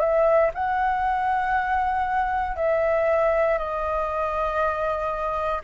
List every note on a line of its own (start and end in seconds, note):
0.00 0.51 E5
0.55 2.57 F#5
2.57 3.58 E5
3.58 5.62 D#5